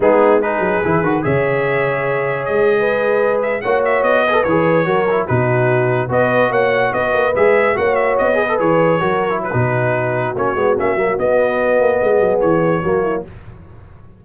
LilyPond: <<
  \new Staff \with { instrumentName = "trumpet" } { \time 4/4 \tempo 4 = 145 gis'4 b'2 e''4~ | e''2 dis''2~ | dis''16 e''8 fis''8 e''8 dis''4 cis''4~ cis''16~ | cis''8. b'2 dis''4 fis''16~ |
fis''8. dis''4 e''4 fis''8 e''8 dis''16~ | dis''8. cis''2 b'4~ b'16~ | b'4 cis''4 e''4 dis''4~ | dis''2 cis''2 | }
  \new Staff \with { instrumentName = "horn" } { \time 4/4 dis'4 gis'2 cis''4~ | cis''2~ cis''8. b'4~ b'16~ | b'8. cis''4. b'4. ais'16~ | ais'8. fis'2 b'4 cis''16~ |
cis''8. b'2 cis''4~ cis''16~ | cis''16 b'4. ais'4 fis'4~ fis'16~ | fis'1~ | fis'4 gis'2 fis'8 e'8 | }
  \new Staff \with { instrumentName = "trombone" } { \time 4/4 b4 dis'4 e'8 fis'8 gis'4~ | gis'1~ | gis'8. fis'4. gis'16 a'16 gis'4 fis'16~ | fis'16 e'8 dis'2 fis'4~ fis'16~ |
fis'4.~ fis'16 gis'4 fis'4~ fis'16~ | fis'16 gis'16 a'16 gis'4 fis'8. e'8 dis'4~ | dis'4 cis'8 b8 cis'8 ais8 b4~ | b2. ais4 | }
  \new Staff \with { instrumentName = "tuba" } { \time 4/4 gis4. fis8 e8 dis8 cis4~ | cis2 gis2~ | gis8. ais4 b4 e4 fis16~ | fis8. b,2 b4 ais16~ |
ais8. b8 ais8 gis4 ais4 b16~ | b8. e4 fis4~ fis16 b,4~ | b,4 ais8 gis8 ais8 fis8 b4~ | b8 ais8 gis8 fis8 e4 fis4 | }
>>